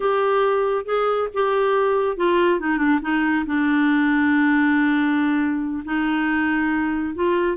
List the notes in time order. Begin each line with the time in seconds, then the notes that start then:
0.00 G4
0.85 G#4
1.34 G4
2.17 F4
2.60 D#4
2.77 D4
3.01 D#4
3.46 D4
5.84 D#4
7.14 F4